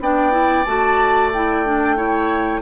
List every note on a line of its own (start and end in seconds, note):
0.00 0.66 B3
0.00 0.31 D4
0.00 1.97 D5
0.00 0.65 G5
0.31 0.64 E4
0.65 2.62 A3
0.65 1.33 F#4
0.65 1.31 A5
1.33 1.66 E4
1.33 2.62 G5
1.66 1.96 D4
1.96 2.62 E4
1.96 2.62 C#5